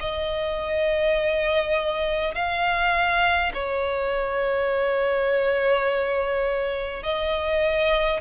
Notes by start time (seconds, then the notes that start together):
0.00 D#5
2.34 F5
3.53 C#5
7.03 D#5